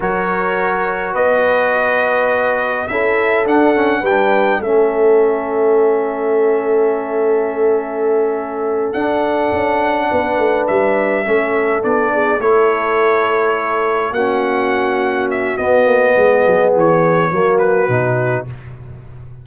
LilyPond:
<<
  \new Staff \with { instrumentName = "trumpet" } { \time 4/4 \tempo 4 = 104 cis''2 dis''2~ | dis''4 e''4 fis''4 g''4 | e''1~ | e''2.~ e''8 fis''8~ |
fis''2~ fis''8 e''4.~ | e''8 d''4 cis''2~ cis''8~ | cis''8 fis''2 e''8 dis''4~ | dis''4 cis''4. b'4. | }
  \new Staff \with { instrumentName = "horn" } { \time 4/4 ais'2 b'2~ | b'4 a'2 b'4 | a'1~ | a'1~ |
a'4. b'2 a'8~ | a'4 gis'8 a'2~ a'8~ | a'8 fis'2.~ fis'8 | gis'2 fis'2 | }
  \new Staff \with { instrumentName = "trombone" } { \time 4/4 fis'1~ | fis'4 e'4 d'8 cis'8 d'4 | cis'1~ | cis'2.~ cis'8 d'8~ |
d'2.~ d'8 cis'8~ | cis'8 d'4 e'2~ e'8~ | e'8 cis'2~ cis'8 b4~ | b2 ais4 dis'4 | }
  \new Staff \with { instrumentName = "tuba" } { \time 4/4 fis2 b2~ | b4 cis'4 d'4 g4 | a1~ | a2.~ a8 d'8~ |
d'8 cis'4 b8 a8 g4 a8~ | a8 b4 a2~ a8~ | a8 ais2~ ais8 b8 ais8 | gis8 fis8 e4 fis4 b,4 | }
>>